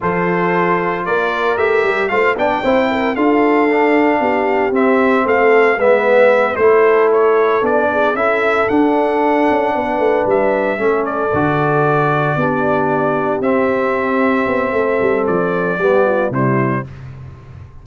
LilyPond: <<
  \new Staff \with { instrumentName = "trumpet" } { \time 4/4 \tempo 4 = 114 c''2 d''4 e''4 | f''8 g''4. f''2~ | f''4 e''4 f''4 e''4~ | e''8 c''4 cis''4 d''4 e''8~ |
e''8 fis''2. e''8~ | e''4 d''2.~ | d''4. e''2~ e''8~ | e''4 d''2 c''4 | }
  \new Staff \with { instrumentName = "horn" } { \time 4/4 a'2 ais'2 | c''8 d''8 c''8 ais'8 a'2 | g'2 a'4 b'4~ | b'8 a'2~ a'8 gis'8 a'8~ |
a'2~ a'8 b'4.~ | b'8 a'2. g'8~ | g'1 | a'2 g'8 f'8 e'4 | }
  \new Staff \with { instrumentName = "trombone" } { \time 4/4 f'2. g'4 | f'8 d'8 e'4 f'4 d'4~ | d'4 c'2 b4~ | b8 e'2 d'4 e'8~ |
e'8 d'2.~ d'8~ | d'8 cis'4 fis'2 d'8~ | d'4. c'2~ c'8~ | c'2 b4 g4 | }
  \new Staff \with { instrumentName = "tuba" } { \time 4/4 f2 ais4 a8 g8 | a8 b8 c'4 d'2 | b4 c'4 a4 gis4~ | gis8 a2 b4 cis'8~ |
cis'8 d'4. cis'8 b8 a8 g8~ | g8 a4 d2 b8~ | b4. c'2 b8 | a8 g8 f4 g4 c4 | }
>>